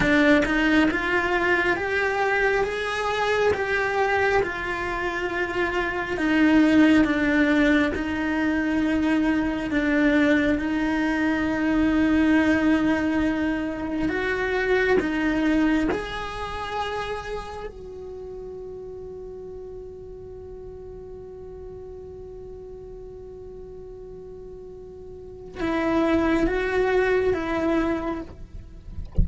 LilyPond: \new Staff \with { instrumentName = "cello" } { \time 4/4 \tempo 4 = 68 d'8 dis'8 f'4 g'4 gis'4 | g'4 f'2 dis'4 | d'4 dis'2 d'4 | dis'1 |
fis'4 dis'4 gis'2 | fis'1~ | fis'1~ | fis'4 e'4 fis'4 e'4 | }